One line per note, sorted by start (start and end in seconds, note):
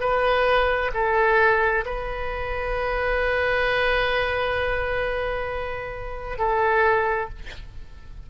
0.00 0.91 B4
0.93 1.84 A4
1.85 6.38 B4
6.38 7.29 A4